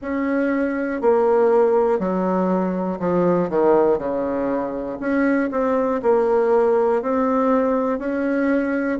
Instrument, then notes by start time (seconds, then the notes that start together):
bassoon
0.01 C#4
1.01 A#3
1.99 F#3
2.99 F3
3.50 D#3
3.98 C#3
5.00 C#4
5.50 C4
6.02 A#3
7.01 C4
7.98 C#4